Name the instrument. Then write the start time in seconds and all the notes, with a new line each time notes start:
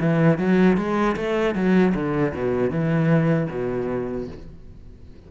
cello
0.00 E3
0.38 F#3
0.77 G#3
1.16 A3
1.55 F#3
1.94 D3
2.34 B2
2.70 E3
3.50 B2